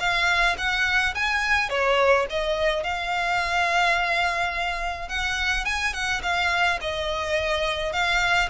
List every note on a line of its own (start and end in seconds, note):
0.00 0.57 F5
0.58 1.15 F#5
1.15 1.70 G#5
1.70 2.26 C#5
2.30 2.84 D#5
2.84 5.09 F5
5.09 5.65 F#5
5.65 5.94 G#5
5.94 6.22 F#5
6.23 6.80 F5
6.81 7.93 D#5
7.93 8.50 F5